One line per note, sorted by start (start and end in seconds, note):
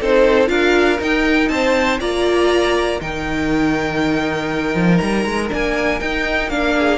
0.00 0.49 C4
0.00 0.47 D#4
0.00 0.50 A4
0.00 0.48 C5
0.47 0.99 D4
0.47 0.97 F4
0.47 1.50 A#4
0.47 0.98 F5
1.00 2.00 D#4
1.00 1.49 D#4
1.00 1.48 G5
1.48 1.99 C4
1.48 2.00 C5
1.48 1.98 A5
2.00 3.00 A#3
2.00 3.00 F4
2.00 3.00 D5
2.00 3.00 A#5
3.00 4.75 D#3
3.00 5.49 D#4
3.00 6.77 A#4
3.00 4.97 G5
4.75 5.00 F3
4.97 5.25 G3
4.97 5.47 A#5
5.25 5.50 G#3
5.49 6.00 A#3
5.49 5.99 D4
5.49 6.00 G#5
6.00 6.49 D#4
6.00 6.51 D#4
6.00 6.49 G5
6.49 6.98 A#3
6.49 6.98 D4
6.49 6.98 F5
6.79 6.98 G#4